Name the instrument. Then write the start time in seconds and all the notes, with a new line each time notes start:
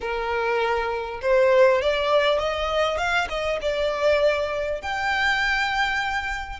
violin
0.00 A#4
1.21 C5
1.81 D5
2.38 D#5
2.97 F5
3.29 D#5
3.61 D5
4.81 G5